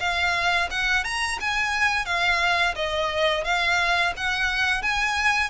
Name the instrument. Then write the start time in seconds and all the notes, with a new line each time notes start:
violin
0.00 F5
0.71 F#5
1.04 A#5
1.40 G#5
2.06 F5
2.76 D#5
3.45 F5
4.17 F#5
4.82 G#5